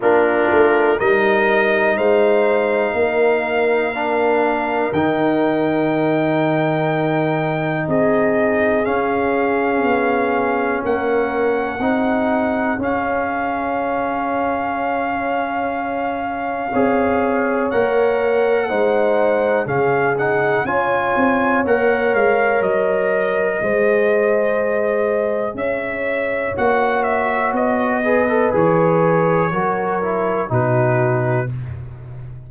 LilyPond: <<
  \new Staff \with { instrumentName = "trumpet" } { \time 4/4 \tempo 4 = 61 ais'4 dis''4 f''2~ | f''4 g''2. | dis''4 f''2 fis''4~ | fis''4 f''2.~ |
f''2 fis''2 | f''8 fis''8 gis''4 fis''8 f''8 dis''4~ | dis''2 e''4 fis''8 e''8 | dis''4 cis''2 b'4 | }
  \new Staff \with { instrumentName = "horn" } { \time 4/4 f'4 ais'4 c''4 ais'4~ | ais'1 | gis'2. ais'4 | gis'1~ |
gis'4 cis''2 c''4 | gis'4 cis''2. | c''2 cis''2~ | cis''8 b'4. ais'4 fis'4 | }
  \new Staff \with { instrumentName = "trombone" } { \time 4/4 d'4 dis'2. | d'4 dis'2.~ | dis'4 cis'2. | dis'4 cis'2.~ |
cis'4 gis'4 ais'4 dis'4 | cis'8 dis'8 f'4 ais'2 | gis'2. fis'4~ | fis'8 gis'16 a'16 gis'4 fis'8 e'8 dis'4 | }
  \new Staff \with { instrumentName = "tuba" } { \time 4/4 ais8 a8 g4 gis4 ais4~ | ais4 dis2. | c'4 cis'4 b4 ais4 | c'4 cis'2.~ |
cis'4 c'4 ais4 gis4 | cis4 cis'8 c'8 ais8 gis8 fis4 | gis2 cis'4 ais4 | b4 e4 fis4 b,4 | }
>>